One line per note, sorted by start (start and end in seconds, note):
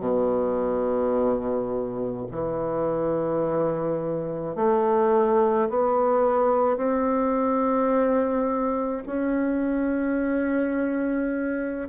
0.00 2.26 B2
2.32 4.56 E3
4.56 5.69 A3
5.70 6.77 B3
6.77 9.04 C4
9.07 11.89 C#4